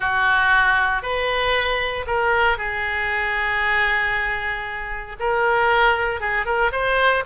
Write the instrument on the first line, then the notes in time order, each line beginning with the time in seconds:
oboe
0.00 F#4
1.02 B4
2.07 A#4
2.57 G#4
5.19 A#4
6.20 G#4
6.45 A#4
6.72 C5